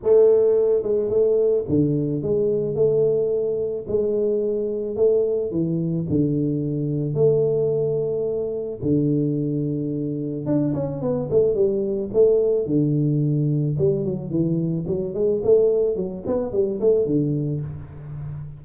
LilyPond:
\new Staff \with { instrumentName = "tuba" } { \time 4/4 \tempo 4 = 109 a4. gis8 a4 d4 | gis4 a2 gis4~ | gis4 a4 e4 d4~ | d4 a2. |
d2. d'8 cis'8 | b8 a8 g4 a4 d4~ | d4 g8 fis8 e4 fis8 gis8 | a4 fis8 b8 g8 a8 d4 | }